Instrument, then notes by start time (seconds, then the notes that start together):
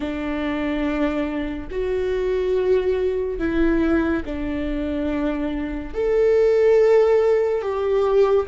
viola
0.00 D4
1.71 F#4
3.38 E4
4.25 D4
5.94 A4
7.61 G4